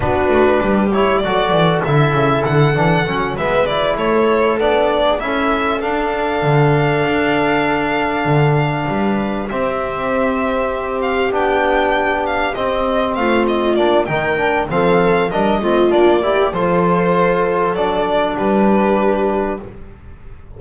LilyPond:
<<
  \new Staff \with { instrumentName = "violin" } { \time 4/4 \tempo 4 = 98 b'4. cis''8 d''4 e''4 | fis''4. e''8 d''8 cis''4 d''8~ | d''8 e''4 f''2~ f''8~ | f''2.~ f''8 e''8~ |
e''2 f''8 g''4. | f''8 dis''4 f''8 dis''8 d''8 g''4 | f''4 dis''4 d''4 c''4~ | c''4 d''4 b'2 | }
  \new Staff \with { instrumentName = "viola" } { \time 4/4 fis'4 g'4 a'2~ | a'4. b'4 a'4.~ | a'16 gis'16 a'2.~ a'8~ | a'2~ a'8 b'4 g'8~ |
g'1~ | g'4. f'4. ais'4 | a'4 ais'8 f'4 g'8 a'4~ | a'2 g'2 | }
  \new Staff \with { instrumentName = "trombone" } { \time 4/4 d'4. e'8 fis'4 e'4~ | e'8 d'8 cis'8 b8 e'4. d'8~ | d'8 e'4 d'2~ d'8~ | d'2.~ d'8 c'8~ |
c'2~ c'8 d'4.~ | d'8 c'2 d'8 dis'8 d'8 | c'4 d'8 c'8 d'8 e'8 f'4~ | f'4 d'2. | }
  \new Staff \with { instrumentName = "double bass" } { \time 4/4 b8 a8 g4 fis8 e8 d8 cis8 | d8 e8 fis8 gis4 a4 b8~ | b8 cis'4 d'4 d4 d'8~ | d'4. d4 g4 c'8~ |
c'2~ c'8 b4.~ | b8 c'4 a4 ais8 dis4 | f4 g8 a8 ais4 f4~ | f4 fis4 g2 | }
>>